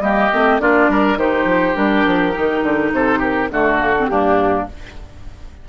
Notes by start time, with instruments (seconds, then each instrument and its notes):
0.00 bassoon G3, clarinet A#3, oboe G4, flute D#5
0.33 bassoon A3, clarinet C4
0.60 bassoon A#3, clarinet D4, oboe F4, flute D5
0.89 bassoon G3, oboe A#4
1.16 bassoon D#3, clarinet D#4, oboe G4, flute C5
1.44 bassoon F3
1.75 bassoon G3, clarinet D4, flute A#4
2.06 bassoon F3
2.33 bassoon D#3, clarinet D#4
2.63 bassoon D3
2.92 bassoon C3, oboe A4, flute C5
3.19 oboe G4, flute A#4
3.50 bassoon D3, clarinet A3, oboe F#4, flute A4
3.79 clarinet A#3
3.98 clarinet C4
4.07 bassoon G2, clarinet A#3, oboe D4, flute G4